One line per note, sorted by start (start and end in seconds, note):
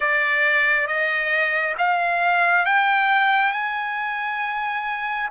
0.00 0.87 D5
0.87 1.75 D#5
1.78 2.65 F5
2.65 3.52 G5
3.52 5.29 G#5